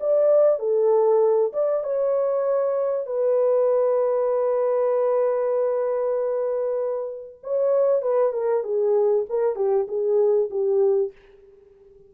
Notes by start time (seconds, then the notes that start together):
0.00 D5
0.59 A4
1.53 D5
1.83 C#5
3.06 B4
7.43 C#5
8.02 B4
8.33 A#4
8.64 G#4
9.29 A#4
9.56 G4
9.88 G#4
10.50 G4